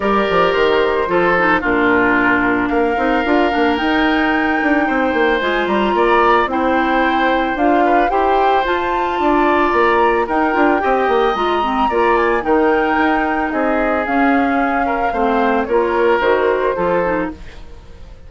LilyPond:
<<
  \new Staff \with { instrumentName = "flute" } { \time 4/4 \tempo 4 = 111 d''4 c''2 ais'4~ | ais'4 f''2 g''4~ | g''2 gis''8 ais''4. | g''2 f''4 g''4 |
a''2 ais''4 g''4~ | g''4 ais''4. gis''8 g''4~ | g''4 dis''4 f''2~ | f''4 cis''4 c''2 | }
  \new Staff \with { instrumentName = "oboe" } { \time 4/4 ais'2 a'4 f'4~ | f'4 ais'2.~ | ais'4 c''2 d''4 | c''2~ c''8 b'8 c''4~ |
c''4 d''2 ais'4 | dis''2 d''4 ais'4~ | ais'4 gis'2~ gis'8 ais'8 | c''4 ais'2 a'4 | }
  \new Staff \with { instrumentName = "clarinet" } { \time 4/4 g'2 f'8 dis'8 d'4~ | d'4. dis'8 f'8 d'8 dis'4~ | dis'2 f'2 | e'2 f'4 g'4 |
f'2. dis'8 f'8 | g'4 f'8 c'8 f'4 dis'4~ | dis'2 cis'2 | c'4 f'4 fis'4 f'8 dis'8 | }
  \new Staff \with { instrumentName = "bassoon" } { \time 4/4 g8 f8 dis4 f4 ais,4~ | ais,4 ais8 c'8 d'8 ais8 dis'4~ | dis'8 d'8 c'8 ais8 gis8 g8 ais4 | c'2 d'4 e'4 |
f'4 d'4 ais4 dis'8 d'8 | c'8 ais8 gis4 ais4 dis4 | dis'4 c'4 cis'2 | a4 ais4 dis4 f4 | }
>>